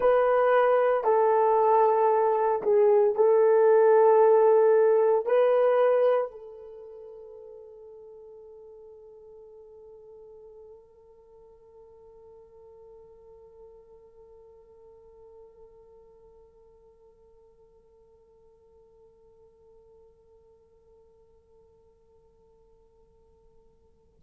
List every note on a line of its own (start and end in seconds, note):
0.00 1.03 B4
1.03 2.61 A4
2.62 3.15 G#4
3.15 5.25 A4
5.26 6.31 B4
6.31 24.21 A4